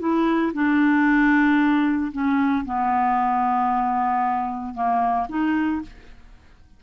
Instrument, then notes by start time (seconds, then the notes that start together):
clarinet
0.00 E4
0.54 D4
2.12 C#4
2.66 B3
4.75 A#3
5.29 D#4